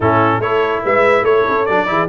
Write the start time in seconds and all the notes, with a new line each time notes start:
0.00 A2 C#4 E4 A4
0.38 A3 E4 A4 C#5
0.84 G#3 B4 E5
1.22 A3 A4 C#5
1.47 C#4
1.65 F#3 D4 D5
1.86 E3 E4 G#4